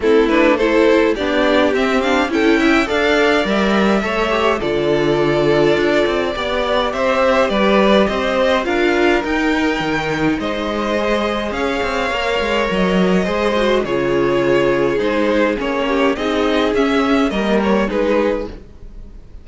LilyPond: <<
  \new Staff \with { instrumentName = "violin" } { \time 4/4 \tempo 4 = 104 a'8 b'8 c''4 d''4 e''8 f''8 | g''4 f''4 e''2 | d''1 | e''4 d''4 dis''4 f''4 |
g''2 dis''2 | f''2 dis''2 | cis''2 c''4 cis''4 | dis''4 e''4 dis''8 cis''8 b'4 | }
  \new Staff \with { instrumentName = "violin" } { \time 4/4 e'4 a'4 g'2 | a'8 e''8 d''2 cis''4 | a'2. d''4 | c''4 b'4 c''4 ais'4~ |
ais'2 c''2 | cis''2. c''4 | gis'2.~ gis'8 g'8 | gis'2 ais'4 gis'4 | }
  \new Staff \with { instrumentName = "viola" } { \time 4/4 c'8 d'8 e'4 d'4 c'8 d'8 | e'4 a'4 ais'4 a'8 g'8 | f'2. g'4~ | g'2. f'4 |
dis'2. gis'4~ | gis'4 ais'2 gis'8 fis'8 | f'2 dis'4 cis'4 | dis'4 cis'4 ais4 dis'4 | }
  \new Staff \with { instrumentName = "cello" } { \time 4/4 a2 b4 c'4 | cis'4 d'4 g4 a4 | d2 d'8 c'8 b4 | c'4 g4 c'4 d'4 |
dis'4 dis4 gis2 | cis'8 c'8 ais8 gis8 fis4 gis4 | cis2 gis4 ais4 | c'4 cis'4 g4 gis4 | }
>>